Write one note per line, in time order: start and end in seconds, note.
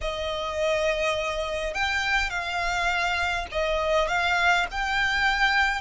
0.01 1.73 D#5
1.73 2.30 G5
2.30 3.46 F5
3.51 4.08 D#5
4.08 4.66 F5
4.71 5.81 G5